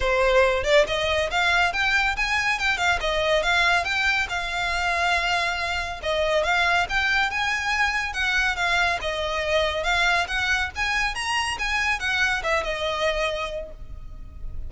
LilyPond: \new Staff \with { instrumentName = "violin" } { \time 4/4 \tempo 4 = 140 c''4. d''8 dis''4 f''4 | g''4 gis''4 g''8 f''8 dis''4 | f''4 g''4 f''2~ | f''2 dis''4 f''4 |
g''4 gis''2 fis''4 | f''4 dis''2 f''4 | fis''4 gis''4 ais''4 gis''4 | fis''4 e''8 dis''2~ dis''8 | }